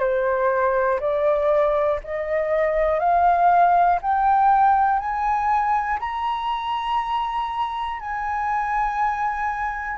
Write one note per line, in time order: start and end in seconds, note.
0.00 1.00 C5
1.00 2.00 D5
2.04 3.00 D#5
3.00 4.00 F5
4.02 5.00 G5
5.00 6.00 G#5
6.00 8.00 A#5
8.00 9.98 G#5